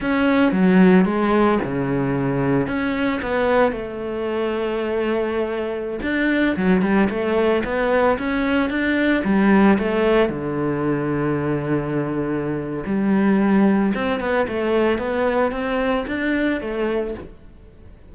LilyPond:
\new Staff \with { instrumentName = "cello" } { \time 4/4 \tempo 4 = 112 cis'4 fis4 gis4 cis4~ | cis4 cis'4 b4 a4~ | a2.~ a16 d'8.~ | d'16 fis8 g8 a4 b4 cis'8.~ |
cis'16 d'4 g4 a4 d8.~ | d1 | g2 c'8 b8 a4 | b4 c'4 d'4 a4 | }